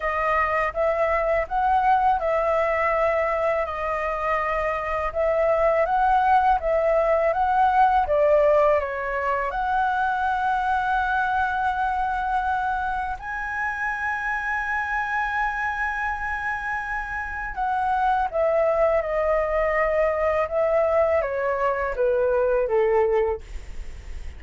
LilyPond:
\new Staff \with { instrumentName = "flute" } { \time 4/4 \tempo 4 = 82 dis''4 e''4 fis''4 e''4~ | e''4 dis''2 e''4 | fis''4 e''4 fis''4 d''4 | cis''4 fis''2.~ |
fis''2 gis''2~ | gis''1 | fis''4 e''4 dis''2 | e''4 cis''4 b'4 a'4 | }